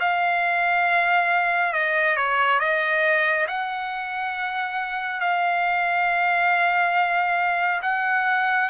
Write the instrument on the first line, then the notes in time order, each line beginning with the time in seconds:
trumpet
0.00 F5
1.73 D#5
2.17 C#5
2.60 D#5
3.47 F#5
5.21 F5
7.82 F#5